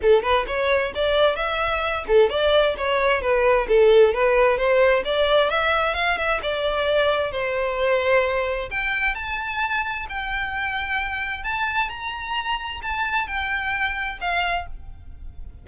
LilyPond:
\new Staff \with { instrumentName = "violin" } { \time 4/4 \tempo 4 = 131 a'8 b'8 cis''4 d''4 e''4~ | e''8 a'8 d''4 cis''4 b'4 | a'4 b'4 c''4 d''4 | e''4 f''8 e''8 d''2 |
c''2. g''4 | a''2 g''2~ | g''4 a''4 ais''2 | a''4 g''2 f''4 | }